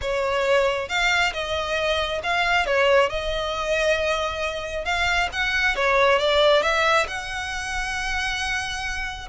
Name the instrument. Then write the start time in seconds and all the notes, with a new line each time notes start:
violin
0.01 C#5
0.88 F5
1.33 D#5
2.23 F5
2.66 C#5
3.09 D#5
4.84 F5
5.32 F#5
5.75 C#5
6.19 D5
6.62 E5
7.07 F#5